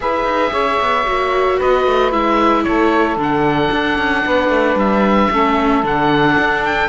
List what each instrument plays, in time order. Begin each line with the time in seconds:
0.00 cello E4, viola G#4, saxophone B4, oboe E5
0.24 cello D#4
0.51 cello C#4, saxophone C#5
0.80 cello B3
1.05 cello A#3, viola F#4
1.57 cello B3, saxophone B4, oboe D#5
1.86 cello A3
2.11 cello G#3, viola E4, oboe E5
2.63 cello A3, saxophone A4, oboe C#5
3.16 cello D3, viola D4
3.22 oboe F#5
3.71 cello D4
3.97 cello C#4
4.25 cello B3, saxophone B4
4.49 cello A3
4.75 cello G3, oboe E5
5.30 cello A3, viola C#4, saxophone A4
5.83 cello D3, viola D4, oboe F#5
6.38 cello D4
6.64 oboe G5